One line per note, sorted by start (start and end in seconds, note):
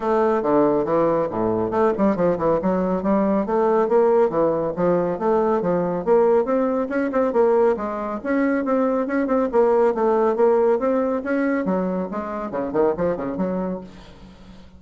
0.00 0.42 A3
0.42 0.84 D3
0.84 1.27 E3
1.30 1.70 A2
1.70 1.92 A3
1.97 2.16 G3
2.16 2.37 F3
2.38 2.59 E3
2.62 3.03 F#3
3.03 3.46 G3
3.46 3.88 A3
3.88 4.29 A#3
4.29 4.72 E3
4.75 5.19 F3
5.19 5.61 A3
5.61 6.04 F3
6.05 6.44 A#3
6.44 6.88 C4
6.89 7.10 C#4
7.12 7.33 C4
7.33 7.76 A#3
7.76 8.20 G#3
8.23 8.64 C#4
8.64 9.07 C4
9.07 9.27 C#4
9.27 9.48 C4
9.52 9.94 A#3
9.94 10.36 A3
10.36 10.79 A#3
10.79 11.22 C4
11.23 11.65 C#4
11.65 12.08 F#3
12.11 12.51 G#3
12.51 12.72 C#3
12.73 12.94 D#3
12.97 13.16 F3
13.16 13.37 C#3
13.37 13.80 F#3